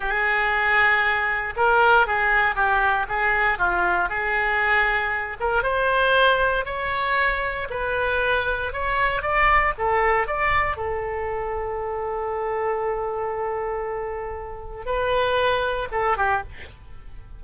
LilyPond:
\new Staff \with { instrumentName = "oboe" } { \time 4/4 \tempo 4 = 117 gis'2. ais'4 | gis'4 g'4 gis'4 f'4 | gis'2~ gis'8 ais'8 c''4~ | c''4 cis''2 b'4~ |
b'4 cis''4 d''4 a'4 | d''4 a'2.~ | a'1~ | a'4 b'2 a'8 g'8 | }